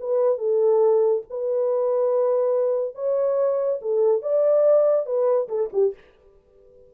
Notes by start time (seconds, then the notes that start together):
0.00 B4
0.38 A4
1.30 B4
2.95 C#5
3.81 A4
4.22 D5
5.06 B4
5.48 A4
5.73 G4